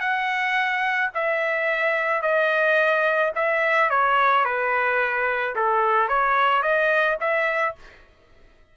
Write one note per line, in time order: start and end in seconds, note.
0.00 1.10 F#5
1.14 2.22 E5
2.22 3.32 D#5
3.35 3.90 E5
3.90 4.45 C#5
4.45 5.55 B4
5.55 6.09 A4
6.09 6.62 C#5
6.62 7.17 D#5
7.20 7.75 E5